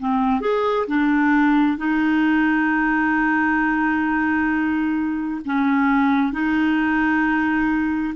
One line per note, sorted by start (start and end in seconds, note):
0.00 0.41 C4
0.41 0.86 G#4
0.87 1.78 D4
1.78 5.41 D#4
5.46 6.33 C#4
6.33 8.14 D#4